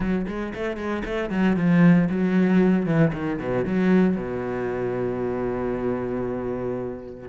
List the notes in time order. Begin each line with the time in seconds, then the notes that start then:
0.00 F#3
0.27 G#3
0.54 A3
0.76 G#3
1.04 A3
1.30 F#3
1.56 F3
2.09 F#3
2.86 E3
3.13 D#3
3.39 B2
3.65 F#3
4.16 B2